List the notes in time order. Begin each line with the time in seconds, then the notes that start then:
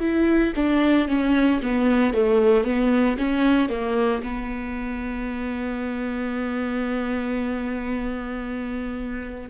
0.00 E4
0.56 D4
1.08 C#4
1.63 B3
2.14 A3
2.64 B3
3.18 C#4
3.69 A#3
4.23 B3